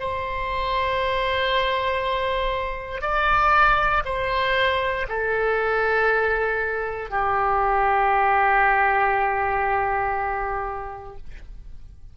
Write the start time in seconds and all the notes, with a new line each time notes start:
0.00 C5
3.01 D5
4.05 C5
5.08 A4
7.10 G4